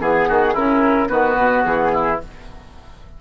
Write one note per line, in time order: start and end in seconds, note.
0.00 0.28 E3
0.00 0.55 B3
0.00 0.55 G#4
0.00 0.29 G#4
0.29 0.56 D#3
0.29 0.53 F#4
0.53 1.10 C#3
0.53 1.08 C#4
0.53 1.08 E4
0.53 1.08 A#4
1.08 1.37 D#3
1.08 2.19 B3
1.08 1.91 F#4
1.08 1.63 B4
1.37 1.64 B2
1.65 2.20 E3
1.65 2.20 G#4
1.93 2.21 E4